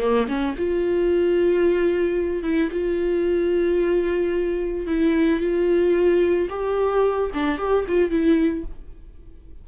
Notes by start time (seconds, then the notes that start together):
0.00 A#3
0.28 C#4
0.57 F4
2.43 E4
2.71 F4
4.87 E4
5.40 F4
6.50 G4
7.34 D4
7.58 G4
7.88 F4
8.11 E4